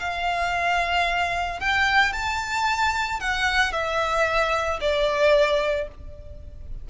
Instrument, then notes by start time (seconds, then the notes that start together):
violin
0.00 F5
1.60 G5
2.13 A5
3.20 F#5
3.73 E5
4.81 D5